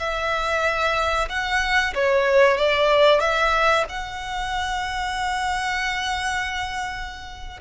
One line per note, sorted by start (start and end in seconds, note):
0.00 1.29 E5
1.29 1.94 F#5
1.95 2.58 C#5
2.58 3.21 D5
3.21 3.85 E5
3.89 7.60 F#5